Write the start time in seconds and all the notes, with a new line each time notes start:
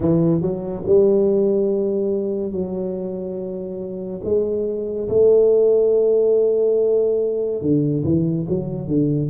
0.00 E3
0.41 F#3
0.85 G3
2.52 F#3
4.23 G#3
5.08 A3
7.61 D3
8.04 E3
8.48 F#3
8.87 D3